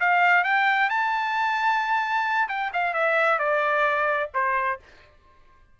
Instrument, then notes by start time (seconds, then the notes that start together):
trumpet
0.00 F5
0.44 G5
0.90 A5
2.49 G5
2.73 F5
2.94 E5
3.39 D5
4.34 C5